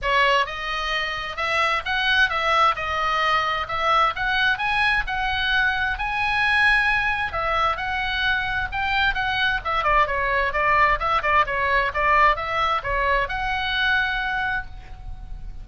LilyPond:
\new Staff \with { instrumentName = "oboe" } { \time 4/4 \tempo 4 = 131 cis''4 dis''2 e''4 | fis''4 e''4 dis''2 | e''4 fis''4 gis''4 fis''4~ | fis''4 gis''2. |
e''4 fis''2 g''4 | fis''4 e''8 d''8 cis''4 d''4 | e''8 d''8 cis''4 d''4 e''4 | cis''4 fis''2. | }